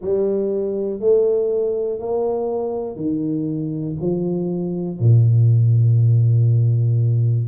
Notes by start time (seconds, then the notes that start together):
0.00 G3
1.00 A3
1.99 A#3
2.95 D#3
4.00 F3
4.99 A#2